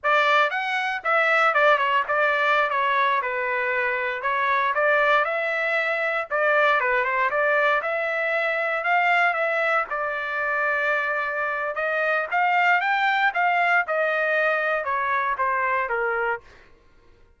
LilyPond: \new Staff \with { instrumentName = "trumpet" } { \time 4/4 \tempo 4 = 117 d''4 fis''4 e''4 d''8 cis''8 | d''4~ d''16 cis''4 b'4.~ b'16~ | b'16 cis''4 d''4 e''4.~ e''16~ | e''16 d''4 b'8 c''8 d''4 e''8.~ |
e''4~ e''16 f''4 e''4 d''8.~ | d''2. dis''4 | f''4 g''4 f''4 dis''4~ | dis''4 cis''4 c''4 ais'4 | }